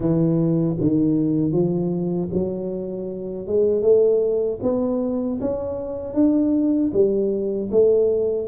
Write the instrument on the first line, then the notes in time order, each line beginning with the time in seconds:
tuba
0.00 E3
0.80 D#3
1.51 F3
2.33 F#3
3.46 G#3
3.82 A3
4.62 B3
5.41 C#4
6.14 D4
6.93 G3
7.71 A3